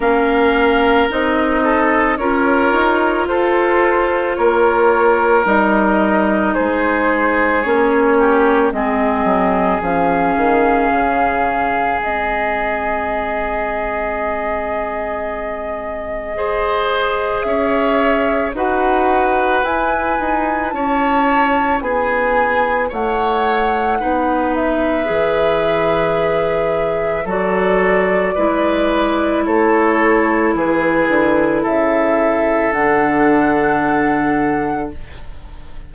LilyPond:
<<
  \new Staff \with { instrumentName = "flute" } { \time 4/4 \tempo 4 = 55 f''4 dis''4 cis''4 c''4 | cis''4 dis''4 c''4 cis''4 | dis''4 f''2 dis''4~ | dis''1 |
e''4 fis''4 gis''4 a''4 | gis''4 fis''4. e''4.~ | e''4 d''2 cis''4 | b'4 e''4 fis''2 | }
  \new Staff \with { instrumentName = "oboe" } { \time 4/4 ais'4. a'8 ais'4 a'4 | ais'2 gis'4. g'8 | gis'1~ | gis'2. c''4 |
cis''4 b'2 cis''4 | gis'4 cis''4 b'2~ | b'4 a'4 b'4 a'4 | gis'4 a'2. | }
  \new Staff \with { instrumentName = "clarinet" } { \time 4/4 cis'4 dis'4 f'2~ | f'4 dis'2 cis'4 | c'4 cis'2 c'4~ | c'2. gis'4~ |
gis'4 fis'4 e'2~ | e'2 dis'4 gis'4~ | gis'4 fis'4 e'2~ | e'2 d'2 | }
  \new Staff \with { instrumentName = "bassoon" } { \time 4/4 ais4 c'4 cis'8 dis'8 f'4 | ais4 g4 gis4 ais4 | gis8 fis8 f8 dis8 cis4 gis4~ | gis1 |
cis'4 dis'4 e'8 dis'8 cis'4 | b4 a4 b4 e4~ | e4 fis4 gis4 a4 | e8 d8 cis4 d2 | }
>>